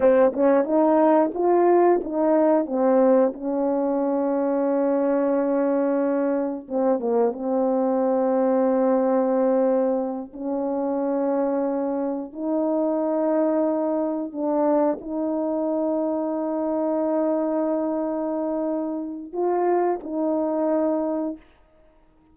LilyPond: \new Staff \with { instrumentName = "horn" } { \time 4/4 \tempo 4 = 90 c'8 cis'8 dis'4 f'4 dis'4 | c'4 cis'2.~ | cis'2 c'8 ais8 c'4~ | c'2.~ c'8 cis'8~ |
cis'2~ cis'8 dis'4.~ | dis'4. d'4 dis'4.~ | dis'1~ | dis'4 f'4 dis'2 | }